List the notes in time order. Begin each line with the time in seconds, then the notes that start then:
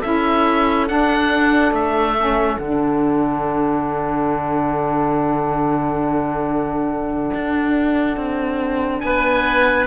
0.00 C#4 E4 A4 E5
0.87 D4 F#5
1.72 A3 E5
2.18 C#4
2.59 D3 D4 F#5
7.34 D4
8.17 C4
9.00 B3 B4 G#5